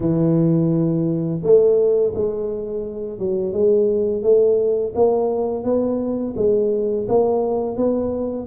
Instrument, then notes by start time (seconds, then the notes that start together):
tuba
0.00 E3
1.43 A3
2.15 G#3
3.18 F#3
3.53 G#3
4.23 A3
4.95 A#3
5.63 B3
6.36 G#3
7.08 A#3
7.76 B3